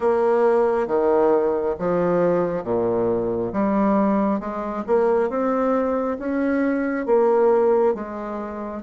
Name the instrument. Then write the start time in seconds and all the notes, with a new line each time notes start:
bassoon
0.00 A#3
0.87 D#3
1.78 F3
2.63 A#2
3.53 G3
4.40 G#3
4.86 A#3
5.29 C4
6.18 C#4
7.06 A#3
7.94 G#3